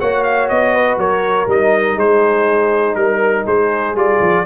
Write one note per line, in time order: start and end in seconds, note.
0.00 0.50 A#3
0.00 1.48 F#4
0.00 0.74 C#5
0.00 0.23 F#5
0.23 0.48 F5
0.48 0.97 B3
0.48 0.98 D#5
0.74 0.99 B4
0.97 1.47 F#3
0.97 1.96 A#4
0.97 1.49 C#5
1.47 1.96 G3
1.47 3.96 D#4
1.47 1.99 D#5
1.96 2.95 G#3
1.96 2.95 G#4
1.96 2.95 C5
2.95 3.45 G3
2.95 3.44 A#4
2.95 3.46 A#4
3.46 3.95 G#3
3.46 4.45 G#4
3.46 3.97 C5
3.95 4.19 G3
3.95 4.45 F4
3.95 4.46 D5
4.21 4.45 F3